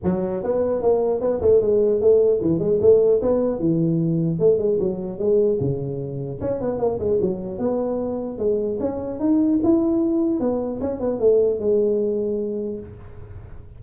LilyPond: \new Staff \with { instrumentName = "tuba" } { \time 4/4 \tempo 4 = 150 fis4 b4 ais4 b8 a8 | gis4 a4 e8 gis8 a4 | b4 e2 a8 gis8 | fis4 gis4 cis2 |
cis'8 b8 ais8 gis8 fis4 b4~ | b4 gis4 cis'4 dis'4 | e'2 b4 cis'8 b8 | a4 gis2. | }